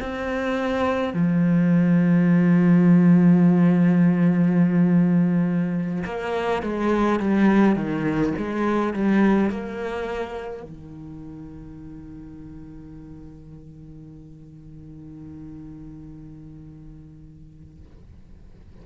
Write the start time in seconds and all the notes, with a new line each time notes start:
0.00 C4
1.13 F3
6.05 A#3
6.62 G#3
7.19 G3
7.75 D#3
8.37 G#3
8.93 G3
9.50 A#3
10.63 D#3